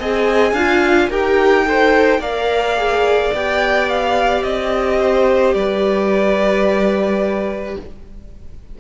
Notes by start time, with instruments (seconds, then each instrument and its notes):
0.00 cello C4, viola G#4, violin D#5 G#5
0.53 cello D4, viola F4, violin F5
1.09 cello D#4, viola G4, violin A#4 G5
1.65 viola A4, violin C5
2.19 cello A#3, viola A#4, violin D5 F5
2.77 viola G#4
3.34 cello B3, viola G4, violin G5
3.89 violin F5
4.44 cello C4, violin D#5
5.00 violin C5
5.54 cello G3, violin B4 D5